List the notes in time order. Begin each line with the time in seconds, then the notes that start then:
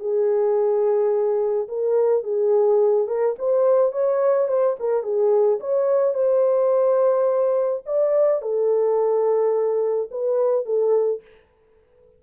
0.00 G#4
1.68 A#4
2.24 G#4
3.08 A#4
3.39 C5
3.93 C#5
4.49 C5
4.80 A#4
5.03 G#4
5.60 C#5
6.15 C5
7.86 D5
8.42 A4
10.11 B4
10.66 A4